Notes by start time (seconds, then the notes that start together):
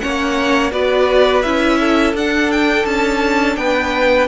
0.00 A#3 C#4 C#5 F#5
0.71 B3 F#4 B4 D5
1.42 C#4 E4 E5
1.80 A4
2.14 D4 F#5
2.52 G5
2.86 C#4 A5
3.56 B3 B4 G5